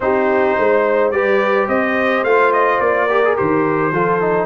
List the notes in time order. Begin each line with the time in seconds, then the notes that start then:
0.00 C4 D#4 G4 C5
0.58 G#3 C5
1.11 G3 G4 B4 D5
1.68 C4 C5 D#5
2.23 A3 F4 F5
2.53 D#5
2.79 A#3 D5
3.06 G4 A#4
3.24 G#4
3.36 D#3 G4 C5
3.91 F3 F4 A4
4.20 D#4